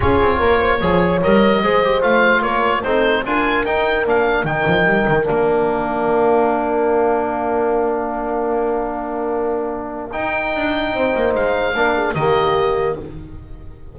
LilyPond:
<<
  \new Staff \with { instrumentName = "oboe" } { \time 4/4 \tempo 4 = 148 cis''2. dis''4~ | dis''4 f''4 cis''4 c''4 | gis''4 g''4 f''4 g''4~ | g''4 f''2.~ |
f''1~ | f''1~ | f''4 g''2. | f''2 dis''2 | }
  \new Staff \with { instrumentName = "horn" } { \time 4/4 gis'4 ais'8 c''8 cis''2 | c''2 ais'4 a'4 | ais'1~ | ais'1~ |
ais'1~ | ais'1~ | ais'2. c''4~ | c''4 ais'8 gis'8 g'2 | }
  \new Staff \with { instrumentName = "trombone" } { \time 4/4 f'2 gis'4 ais'4 | gis'8 g'8 f'2 dis'4 | f'4 dis'4 d'4 dis'4~ | dis'4 d'2.~ |
d'1~ | d'1~ | d'4 dis'2.~ | dis'4 d'4 ais2 | }
  \new Staff \with { instrumentName = "double bass" } { \time 4/4 cis'8 c'8 ais4 f4 g4 | gis4 a4 ais4 c'4 | d'4 dis'4 ais4 dis8 f8 | g8 dis8 ais2.~ |
ais1~ | ais1~ | ais4 dis'4 d'4 c'8 ais8 | gis4 ais4 dis2 | }
>>